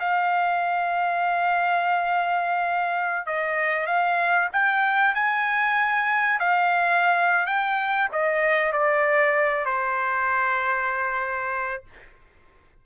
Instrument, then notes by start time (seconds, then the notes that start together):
trumpet
0.00 F5
3.26 D#5
3.87 F5
4.53 G5
5.15 G#5
6.39 F5
7.46 G5
8.12 D#5
8.73 D5
9.65 C5